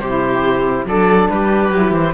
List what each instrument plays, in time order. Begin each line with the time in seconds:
0.00 cello C3, viola G4, oboe C5
0.06 saxophone E4
0.86 cello F#3, saxophone D4, viola A4, oboe D5
1.30 cello G3, viola G4, oboe B4
1.70 cello F#3, saxophone E4
1.92 cello E3, oboe C5